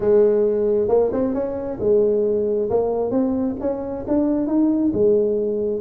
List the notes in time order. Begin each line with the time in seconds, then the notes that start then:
0.00 G#3
0.88 A#3
1.12 C4
1.34 C#4
1.80 G#3
2.70 A#3
3.10 C4
3.60 C#4
4.07 D4
4.47 D#4
4.93 G#3